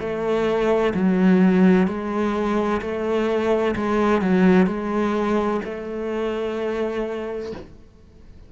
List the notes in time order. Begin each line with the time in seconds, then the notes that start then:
0.00 A3
0.95 F#3
1.87 G#3
2.82 A3
3.76 G#3
4.21 F#3
4.67 G#3
5.65 A3